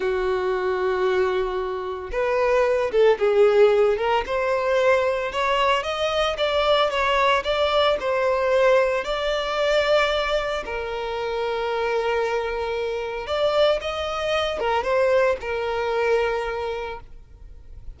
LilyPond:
\new Staff \with { instrumentName = "violin" } { \time 4/4 \tempo 4 = 113 fis'1 | b'4. a'8 gis'4. ais'8 | c''2 cis''4 dis''4 | d''4 cis''4 d''4 c''4~ |
c''4 d''2. | ais'1~ | ais'4 d''4 dis''4. ais'8 | c''4 ais'2. | }